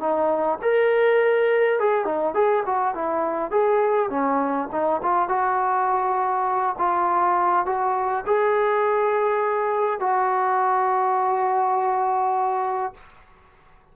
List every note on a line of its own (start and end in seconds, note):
0.00 0.59 D#4
0.62 1.79 A#4
1.79 2.05 G#4
2.05 2.34 D#4
2.34 2.63 G#4
2.66 2.94 F#4
2.94 3.51 E4
3.51 4.10 G#4
4.10 4.68 C#4
4.72 5.01 D#4
5.03 5.29 F4
5.29 6.76 F#4
6.78 7.66 F4
7.66 8.25 F#4
8.26 10.00 G#4
10.00 12.94 F#4